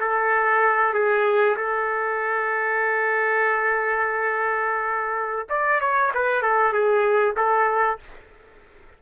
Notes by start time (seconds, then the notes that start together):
0.00 A4
0.93 G#4
1.56 A4
5.49 D5
5.80 C#5
6.14 B4
6.42 A4
6.72 G#4
7.36 A4